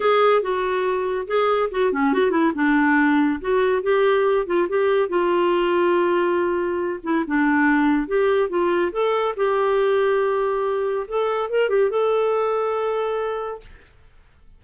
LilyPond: \new Staff \with { instrumentName = "clarinet" } { \time 4/4 \tempo 4 = 141 gis'4 fis'2 gis'4 | fis'8 cis'8 fis'8 e'8 d'2 | fis'4 g'4. f'8 g'4 | f'1~ |
f'8 e'8 d'2 g'4 | f'4 a'4 g'2~ | g'2 a'4 ais'8 g'8 | a'1 | }